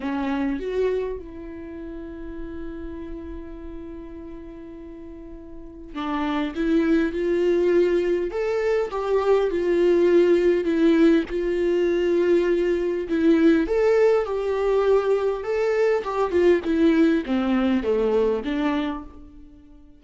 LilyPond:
\new Staff \with { instrumentName = "viola" } { \time 4/4 \tempo 4 = 101 cis'4 fis'4 e'2~ | e'1~ | e'2 d'4 e'4 | f'2 a'4 g'4 |
f'2 e'4 f'4~ | f'2 e'4 a'4 | g'2 a'4 g'8 f'8 | e'4 c'4 a4 d'4 | }